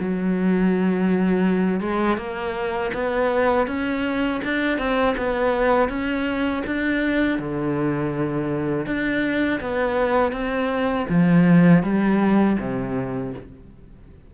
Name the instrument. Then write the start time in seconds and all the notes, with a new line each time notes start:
cello
0.00 F#3
1.81 G#3
2.17 A#3
2.94 B3
3.67 C#4
4.44 D4
4.78 C4
5.17 B3
5.89 C#4
6.66 D4
7.39 D3
8.86 D4
9.61 B3
10.32 C4
11.09 F3
11.83 G3
12.60 C3